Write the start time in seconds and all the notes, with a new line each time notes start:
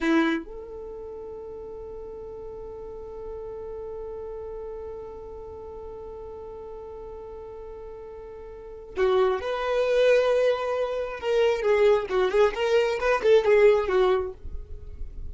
0.00 E4
0.44 A4
8.97 F#4
9.40 B4
11.20 A#4
11.62 G#4
12.09 F#4
12.31 G#4
12.54 A#4
12.99 B4
13.23 A4
13.44 G#4
13.88 F#4